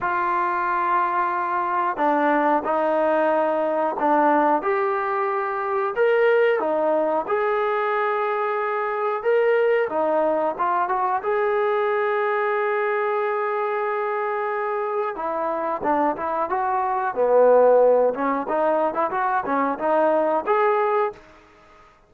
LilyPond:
\new Staff \with { instrumentName = "trombone" } { \time 4/4 \tempo 4 = 91 f'2. d'4 | dis'2 d'4 g'4~ | g'4 ais'4 dis'4 gis'4~ | gis'2 ais'4 dis'4 |
f'8 fis'8 gis'2.~ | gis'2. e'4 | d'8 e'8 fis'4 b4. cis'8 | dis'8. e'16 fis'8 cis'8 dis'4 gis'4 | }